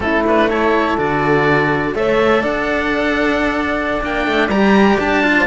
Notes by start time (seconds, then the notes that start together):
0.00 A3 C#4 E4 A4
0.26 D4 B4
0.48 E4 A4 C#5
0.97 D3 F#4 D5
1.94 A3 A4 C#5 E5
2.41 D4 D5 F#5
4.01 A#3 D4 G5
4.26 A3
4.48 G3 G4 A#5
4.99 D4 A5
5.23 F4
5.37 C5